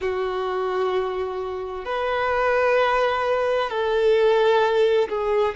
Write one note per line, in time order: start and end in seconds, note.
0.00 1.85 F#4
1.85 3.69 B4
3.69 5.08 A4
5.08 5.54 G#4